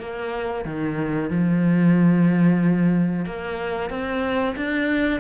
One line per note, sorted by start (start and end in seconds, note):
0.00 0.65 A#3
0.65 1.30 D#3
1.30 3.25 F3
3.25 3.90 A#3
3.90 4.55 C4
4.56 5.20 D4